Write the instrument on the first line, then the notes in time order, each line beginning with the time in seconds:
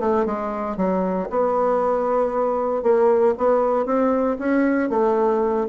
bassoon
0.00 A3
0.26 G#3
0.77 F#3
1.30 B3
2.83 A#3
3.38 B3
3.86 C4
4.39 C#4
4.90 A3